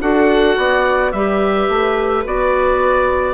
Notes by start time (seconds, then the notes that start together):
0.00 D4 F#4 A4 F#5
0.57 B3 D5
1.12 G3 G4 B4 E5
1.69 A3
2.24 B3 F#4 D5